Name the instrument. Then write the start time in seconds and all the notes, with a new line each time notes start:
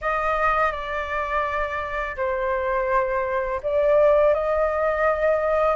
flute
0.01 D#5
0.71 D5
2.16 C5
3.62 D5
4.34 D#5